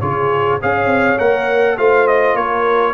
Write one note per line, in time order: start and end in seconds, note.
0.00 0.60 C#3
0.00 0.60 F4
0.00 0.60 G#4
0.00 0.59 C#5
0.60 0.86 C#4
0.60 1.18 G#4
0.60 1.77 C#5
0.60 1.18 F5
0.86 1.15 C4
1.18 1.78 A#3
1.18 1.77 A#4
1.18 1.77 F#5
1.77 2.35 A3
1.77 2.93 F4
1.77 2.36 C5
1.77 2.07 F5
2.07 2.36 D#5
2.35 2.93 A#3
2.35 2.93 A#4
2.35 2.93 C#5